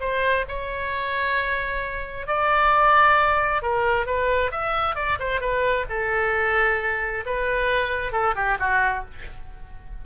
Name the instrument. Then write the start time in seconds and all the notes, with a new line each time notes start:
oboe
0.00 C5
0.48 C#5
2.27 D5
3.62 A#4
4.06 B4
4.51 E5
4.95 D5
5.19 C5
5.40 B4
5.89 A4
7.26 B4
8.12 A4
8.35 G4
8.59 F#4